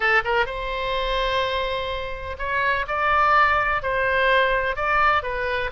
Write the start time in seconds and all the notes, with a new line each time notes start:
0.00 A4
0.24 A#4
0.46 C5
2.38 C#5
2.87 D5
3.82 C5
4.76 D5
5.22 B4